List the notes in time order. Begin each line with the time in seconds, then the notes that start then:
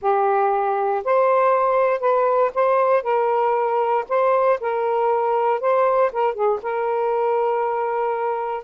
0.01 G4
1.04 C5
2.00 B4
2.54 C5
3.03 A#4
4.08 C5
4.60 A#4
5.60 C5
6.12 A#4
6.34 G#4
6.62 A#4